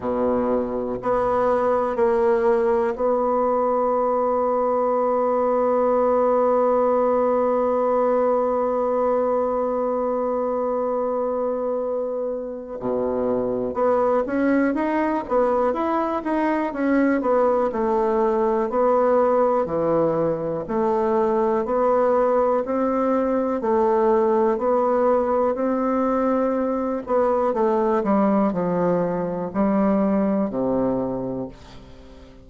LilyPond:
\new Staff \with { instrumentName = "bassoon" } { \time 4/4 \tempo 4 = 61 b,4 b4 ais4 b4~ | b1~ | b1~ | b4 b,4 b8 cis'8 dis'8 b8 |
e'8 dis'8 cis'8 b8 a4 b4 | e4 a4 b4 c'4 | a4 b4 c'4. b8 | a8 g8 f4 g4 c4 | }